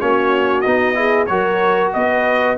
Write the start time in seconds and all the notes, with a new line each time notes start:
0.00 A#3 C#4 F#4 C#5
0.61 B3 D#4 D#5
0.95 E4 G#4
1.26 F#3 F#4 A#4 C#5
1.94 B3 B4 D#5